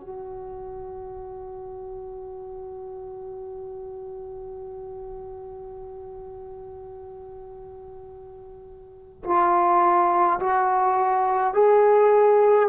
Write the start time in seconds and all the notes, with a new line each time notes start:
0.00 F#4
9.24 F4
10.40 F#4
11.53 G#4